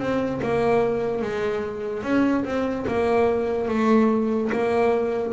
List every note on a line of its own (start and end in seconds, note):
0.00 0.41 C4
0.43 1.22 A#3
1.22 2.04 G#3
2.04 2.45 C#4
2.45 2.86 C4
2.88 3.69 A#3
3.69 4.51 A3
4.53 5.34 A#3